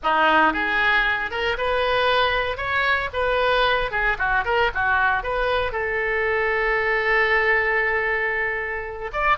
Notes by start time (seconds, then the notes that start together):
0.03 D#4
0.53 G#4
1.30 A#4
1.57 B4
2.57 C#5
3.13 B4
3.91 G#4
4.18 F#4
4.44 A#4
4.74 F#4
5.23 B4
5.72 A4
9.12 D5